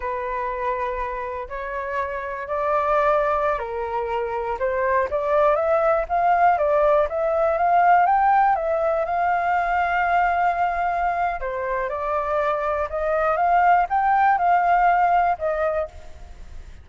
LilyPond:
\new Staff \with { instrumentName = "flute" } { \time 4/4 \tempo 4 = 121 b'2. cis''4~ | cis''4 d''2~ d''16 ais'8.~ | ais'4~ ais'16 c''4 d''4 e''8.~ | e''16 f''4 d''4 e''4 f''8.~ |
f''16 g''4 e''4 f''4.~ f''16~ | f''2. c''4 | d''2 dis''4 f''4 | g''4 f''2 dis''4 | }